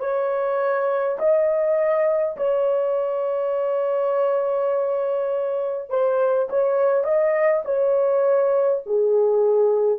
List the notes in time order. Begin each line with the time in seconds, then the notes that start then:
0.00 C#5
1.19 D#5
2.37 C#5
5.89 C5
6.50 C#5
7.04 D#5
7.65 C#5
8.86 G#4